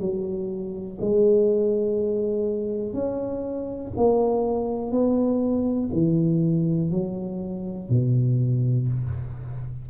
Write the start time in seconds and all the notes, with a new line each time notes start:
0.00 F#3
1.01 G#3
2.94 C#4
3.97 A#3
4.92 B3
5.93 E3
6.92 F#3
7.90 B2